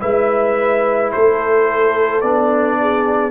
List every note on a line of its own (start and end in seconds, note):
0.00 1.13 G#3
0.00 2.22 E4
0.00 1.13 B4
0.00 1.12 E5
1.12 2.23 A3
1.12 2.80 A4
1.12 2.21 C5
2.21 3.31 B3
2.21 3.31 D4
2.21 3.31 D5
2.81 3.31 G#4